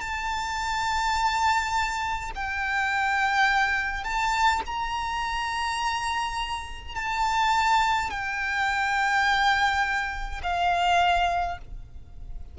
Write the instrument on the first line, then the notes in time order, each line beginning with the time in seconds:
violin
0.00 A5
2.35 G5
4.03 A5
4.66 A#5
6.95 A5
8.10 G5
10.43 F5